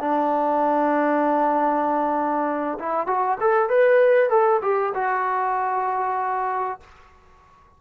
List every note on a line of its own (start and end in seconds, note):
0.00 2.78 D4
2.79 3.07 E4
3.07 3.38 F#4
3.40 3.69 A4
3.69 4.30 B4
4.30 4.61 A4
4.62 4.93 G4
4.95 6.80 F#4